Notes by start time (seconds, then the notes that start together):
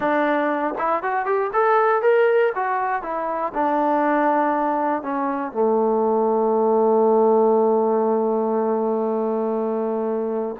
0.00 D4
0.78 E4
1.02 F#4
1.25 G4
1.53 A4
2.02 A#4
2.55 F#4
3.02 E4
3.54 D4
5.02 C#4
5.52 A3